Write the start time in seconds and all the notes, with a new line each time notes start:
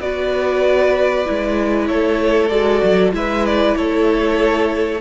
0.00 B3 F#4 B4 D5
1.26 G#3 E4
1.87 A3 A4 C#5
2.49 G#3 F#4 D5
2.84 F#3
3.12 G#3 E4 B4 E5
3.46 D5
3.76 A3 A4 C#5